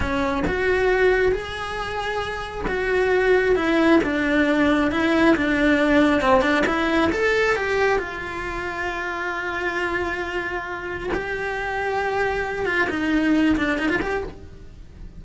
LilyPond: \new Staff \with { instrumentName = "cello" } { \time 4/4 \tempo 4 = 135 cis'4 fis'2 gis'4~ | gis'2 fis'2 | e'4 d'2 e'4 | d'2 c'8 d'8 e'4 |
a'4 g'4 f'2~ | f'1~ | f'4 g'2.~ | g'8 f'8 dis'4. d'8 dis'16 f'16 g'8 | }